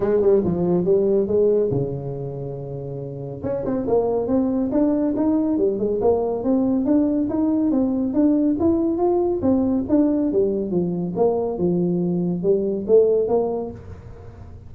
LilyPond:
\new Staff \with { instrumentName = "tuba" } { \time 4/4 \tempo 4 = 140 gis8 g8 f4 g4 gis4 | cis1 | cis'8 c'8 ais4 c'4 d'4 | dis'4 g8 gis8 ais4 c'4 |
d'4 dis'4 c'4 d'4 | e'4 f'4 c'4 d'4 | g4 f4 ais4 f4~ | f4 g4 a4 ais4 | }